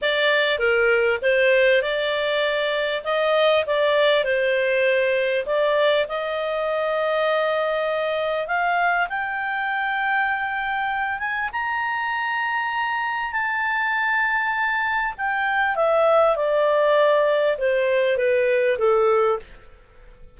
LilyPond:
\new Staff \with { instrumentName = "clarinet" } { \time 4/4 \tempo 4 = 99 d''4 ais'4 c''4 d''4~ | d''4 dis''4 d''4 c''4~ | c''4 d''4 dis''2~ | dis''2 f''4 g''4~ |
g''2~ g''8 gis''8 ais''4~ | ais''2 a''2~ | a''4 g''4 e''4 d''4~ | d''4 c''4 b'4 a'4 | }